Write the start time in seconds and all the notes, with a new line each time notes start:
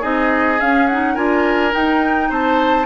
0.00 C4 D#4 G#4 D#5
0.59 C#4 F5
0.87 D#4 F#5
1.14 D4 F4 A#4 G#5
1.71 D#4 G5
2.29 C4 C5 A5